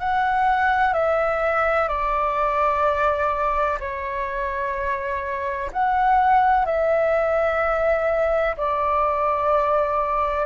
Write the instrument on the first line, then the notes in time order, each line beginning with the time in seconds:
flute
0.00 F#5
0.93 E5
1.88 D5
3.80 C#5
5.72 F#5
6.65 E5
8.57 D5